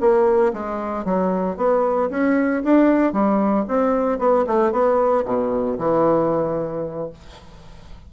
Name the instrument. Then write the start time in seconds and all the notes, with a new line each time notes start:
bassoon
0.00 A#3
0.53 G#3
1.05 F#3
1.56 B3
2.10 C#4
2.64 D4
3.12 G3
3.68 C4
4.19 B3
4.46 A3
4.72 B3
5.25 B2
5.78 E3